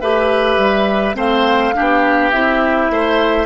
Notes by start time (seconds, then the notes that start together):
0.00 A3 G4 B4 E5
0.56 G3
1.14 A3 C4 C5 F5
1.74 B3 D4 G4
2.31 C4 E4 E5
2.89 A3 C5